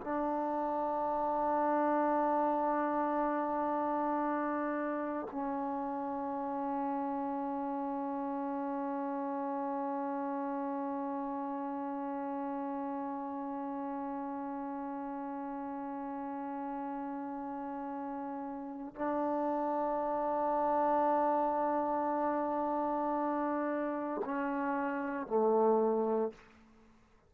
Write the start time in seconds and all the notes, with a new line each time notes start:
0.00 D4
5.31 C#4
18.95 D4
24.24 C#4
25.27 A3